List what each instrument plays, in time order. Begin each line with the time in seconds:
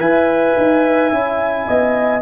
0.00 tuba E4, trombone B4, horn E5, trumpet G#5
0.58 tuba D#4
1.12 tuba C#4, trombone E4
1.68 tuba B3, horn D#5